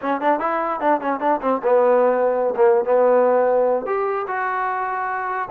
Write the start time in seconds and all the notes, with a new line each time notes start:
0.01 C#4
0.20 D4
0.39 E4
0.80 D4
1.00 C#4
1.20 D4
1.41 C4
1.63 B3
2.55 A#3
2.84 B3
3.86 G4
4.27 F#4